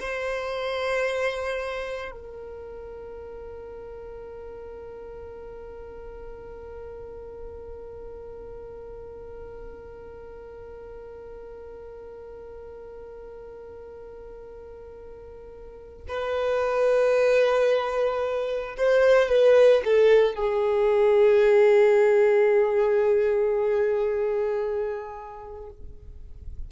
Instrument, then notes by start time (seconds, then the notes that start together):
violin
0.00 C5
2.12 A#4
16.09 B4
18.78 C5
19.30 B4
19.85 A4
20.35 G#4